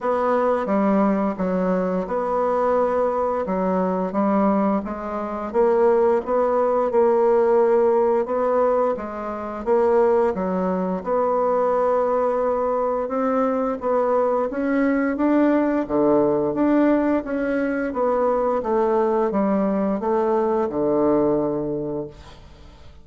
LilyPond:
\new Staff \with { instrumentName = "bassoon" } { \time 4/4 \tempo 4 = 87 b4 g4 fis4 b4~ | b4 fis4 g4 gis4 | ais4 b4 ais2 | b4 gis4 ais4 fis4 |
b2. c'4 | b4 cis'4 d'4 d4 | d'4 cis'4 b4 a4 | g4 a4 d2 | }